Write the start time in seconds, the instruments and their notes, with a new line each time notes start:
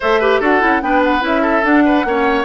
0.00 bassoon A3, clarinet A4, oboe C5, flute E5
0.19 clarinet G4, oboe B4
0.40 bassoon D4, clarinet F#4, oboe A4, flute F#5
0.61 bassoon C#4, clarinet E4
0.82 bassoon B3, clarinet D4, oboe B4, flute G5
1.03 flute F#5
1.20 bassoon C#4, clarinet E4
1.26 flute E5
1.42 oboe A4
1.63 bassoon D4, clarinet D4, flute F#5
1.85 oboe B4
2.04 bassoon A#3, clarinet C#4, oboe C#5